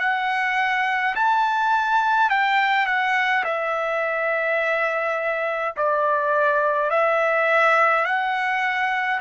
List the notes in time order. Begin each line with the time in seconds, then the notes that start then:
0.00 F#5
1.16 A5
2.30 G5
2.87 F#5
3.45 E5
5.77 D5
6.91 E5
8.06 F#5